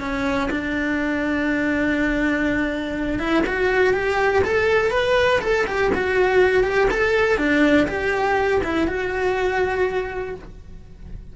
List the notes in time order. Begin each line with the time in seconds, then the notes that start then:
0.00 C#4
0.51 D4
3.19 E4
3.46 F#4
3.93 G4
4.44 A4
4.91 B4
5.41 A4
5.67 G4
5.94 F#4
6.63 G4
6.91 A4
7.37 D4
7.88 G4
8.64 E4
8.88 F#4